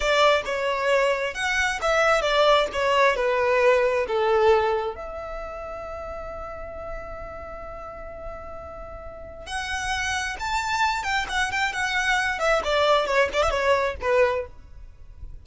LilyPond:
\new Staff \with { instrumentName = "violin" } { \time 4/4 \tempo 4 = 133 d''4 cis''2 fis''4 | e''4 d''4 cis''4 b'4~ | b'4 a'2 e''4~ | e''1~ |
e''1~ | e''4 fis''2 a''4~ | a''8 g''8 fis''8 g''8 fis''4. e''8 | d''4 cis''8 d''16 e''16 cis''4 b'4 | }